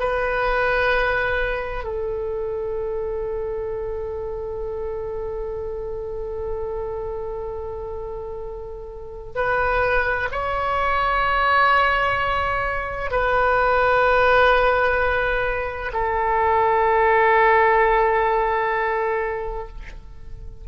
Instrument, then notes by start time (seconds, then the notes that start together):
oboe
0.00 B4
1.84 A4
9.35 B4
10.32 C#5
13.11 B4
15.93 A4